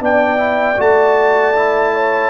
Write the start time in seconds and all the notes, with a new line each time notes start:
0.00 B3 D4 D5 G5
0.37 E4
0.77 A3 F#4 A5
1.55 E4
1.94 C#5